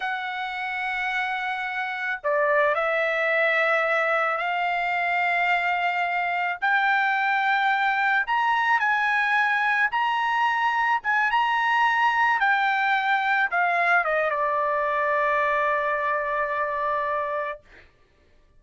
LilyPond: \new Staff \with { instrumentName = "trumpet" } { \time 4/4 \tempo 4 = 109 fis''1 | d''4 e''2. | f''1 | g''2. ais''4 |
gis''2 ais''2 | gis''8 ais''2 g''4.~ | g''8 f''4 dis''8 d''2~ | d''1 | }